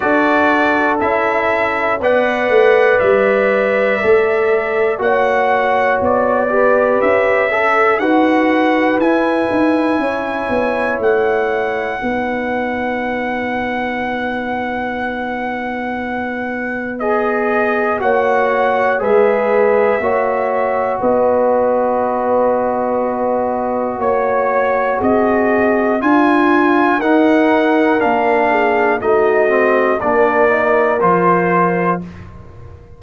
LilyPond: <<
  \new Staff \with { instrumentName = "trumpet" } { \time 4/4 \tempo 4 = 60 d''4 e''4 fis''4 e''4~ | e''4 fis''4 d''4 e''4 | fis''4 gis''2 fis''4~ | fis''1~ |
fis''4 dis''4 fis''4 e''4~ | e''4 dis''2. | cis''4 dis''4 gis''4 fis''4 | f''4 dis''4 d''4 c''4 | }
  \new Staff \with { instrumentName = "horn" } { \time 4/4 a'2 d''2~ | d''4 cis''4. b'4 a'8 | b'2 cis''2 | b'1~ |
b'2 cis''4 b'4 | cis''4 b'2. | cis''4 gis'4 f'4 ais'4~ | ais'8 gis'8 fis'4 ais'2 | }
  \new Staff \with { instrumentName = "trombone" } { \time 4/4 fis'4 e'4 b'2 | a'4 fis'4. g'4 a'8 | fis'4 e'2. | dis'1~ |
dis'4 gis'4 fis'4 gis'4 | fis'1~ | fis'2 f'4 dis'4 | d'4 dis'8 c'8 d'8 dis'8 f'4 | }
  \new Staff \with { instrumentName = "tuba" } { \time 4/4 d'4 cis'4 b8 a8 g4 | a4 ais4 b4 cis'4 | dis'4 e'8 dis'8 cis'8 b8 a4 | b1~ |
b2 ais4 gis4 | ais4 b2. | ais4 c'4 d'4 dis'4 | ais4 a4 ais4 f4 | }
>>